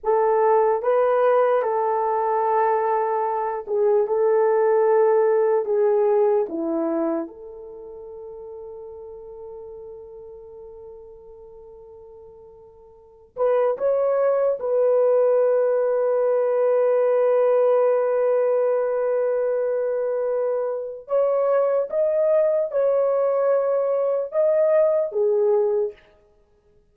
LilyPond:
\new Staff \with { instrumentName = "horn" } { \time 4/4 \tempo 4 = 74 a'4 b'4 a'2~ | a'8 gis'8 a'2 gis'4 | e'4 a'2.~ | a'1~ |
a'8 b'8 cis''4 b'2~ | b'1~ | b'2 cis''4 dis''4 | cis''2 dis''4 gis'4 | }